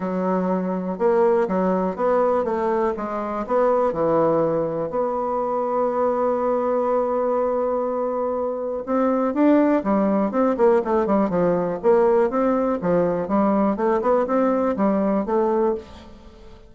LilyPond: \new Staff \with { instrumentName = "bassoon" } { \time 4/4 \tempo 4 = 122 fis2 ais4 fis4 | b4 a4 gis4 b4 | e2 b2~ | b1~ |
b2 c'4 d'4 | g4 c'8 ais8 a8 g8 f4 | ais4 c'4 f4 g4 | a8 b8 c'4 g4 a4 | }